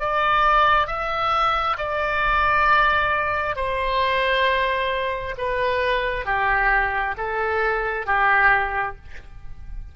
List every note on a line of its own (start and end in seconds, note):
0.00 0.87 D5
0.87 1.76 E5
1.78 3.56 D5
3.56 5.35 C5
5.38 6.26 B4
6.26 7.15 G4
7.17 8.06 A4
8.06 8.96 G4